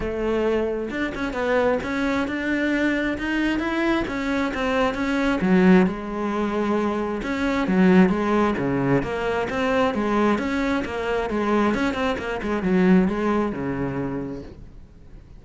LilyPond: \new Staff \with { instrumentName = "cello" } { \time 4/4 \tempo 4 = 133 a2 d'8 cis'8 b4 | cis'4 d'2 dis'4 | e'4 cis'4 c'4 cis'4 | fis4 gis2. |
cis'4 fis4 gis4 cis4 | ais4 c'4 gis4 cis'4 | ais4 gis4 cis'8 c'8 ais8 gis8 | fis4 gis4 cis2 | }